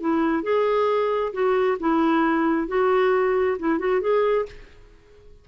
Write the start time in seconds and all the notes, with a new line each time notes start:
0.00 E4
0.43 G#4
1.33 F#4
1.80 E4
2.68 F#4
3.59 E4
3.79 F#4
4.01 G#4